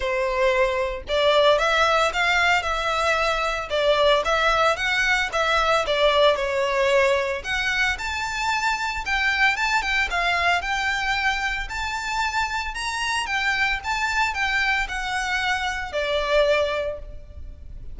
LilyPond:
\new Staff \with { instrumentName = "violin" } { \time 4/4 \tempo 4 = 113 c''2 d''4 e''4 | f''4 e''2 d''4 | e''4 fis''4 e''4 d''4 | cis''2 fis''4 a''4~ |
a''4 g''4 a''8 g''8 f''4 | g''2 a''2 | ais''4 g''4 a''4 g''4 | fis''2 d''2 | }